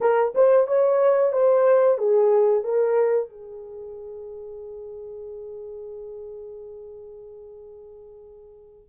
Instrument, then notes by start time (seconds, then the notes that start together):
horn
0.00 A#4
0.34 C5
0.67 C#5
1.32 C5
1.98 G#4
2.64 A#4
3.29 G#4